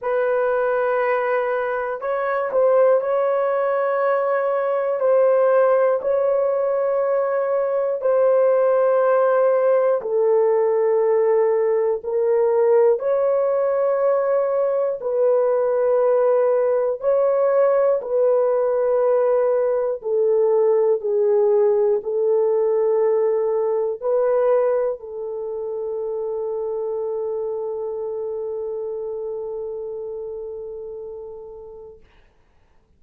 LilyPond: \new Staff \with { instrumentName = "horn" } { \time 4/4 \tempo 4 = 60 b'2 cis''8 c''8 cis''4~ | cis''4 c''4 cis''2 | c''2 a'2 | ais'4 cis''2 b'4~ |
b'4 cis''4 b'2 | a'4 gis'4 a'2 | b'4 a'2.~ | a'1 | }